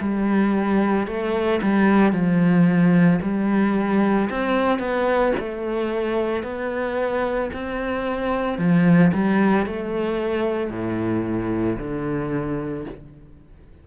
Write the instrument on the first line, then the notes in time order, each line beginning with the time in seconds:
cello
0.00 G3
1.07 A3
1.62 G3
2.12 F3
3.22 G3
4.30 C4
4.79 B3
5.39 A3
6.43 B3
7.53 C4
8.58 F3
9.13 G3
9.66 A3
10.70 A2
11.78 D3